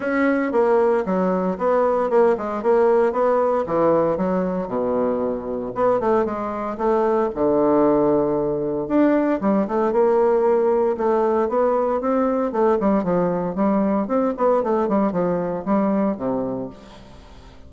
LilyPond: \new Staff \with { instrumentName = "bassoon" } { \time 4/4 \tempo 4 = 115 cis'4 ais4 fis4 b4 | ais8 gis8 ais4 b4 e4 | fis4 b,2 b8 a8 | gis4 a4 d2~ |
d4 d'4 g8 a8 ais4~ | ais4 a4 b4 c'4 | a8 g8 f4 g4 c'8 b8 | a8 g8 f4 g4 c4 | }